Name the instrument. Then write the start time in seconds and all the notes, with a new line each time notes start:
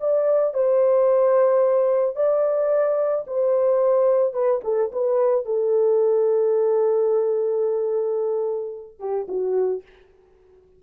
horn
0.00 D5
0.53 C5
2.15 D5
3.27 C5
4.33 B4
4.63 A4
4.92 B4
5.45 A4
8.99 G4
9.28 F#4